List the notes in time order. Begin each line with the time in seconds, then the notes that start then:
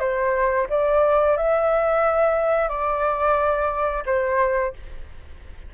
0.00 C5
0.70 D5
1.38 E5
2.69 D5
4.06 C5